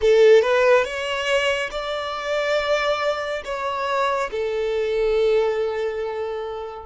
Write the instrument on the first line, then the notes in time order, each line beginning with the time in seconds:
violin
0.01 A4
0.42 B4
0.84 C#5
1.71 D5
3.44 C#5
4.31 A4